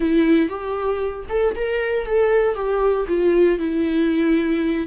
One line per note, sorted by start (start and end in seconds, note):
0.00 0.49 E4
0.49 1.26 G4
1.29 1.55 A4
1.55 2.06 A#4
2.06 2.54 A4
2.54 3.06 G4
3.07 3.59 F4
3.59 4.87 E4